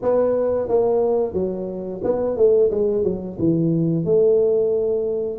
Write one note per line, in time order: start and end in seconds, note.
0.02 0.68 B3
0.68 1.33 A#3
1.33 2.00 F#3
2.03 2.36 B3
2.36 2.70 A3
2.70 3.03 G#3
3.03 3.37 F#3
3.39 4.04 E3
4.04 5.39 A3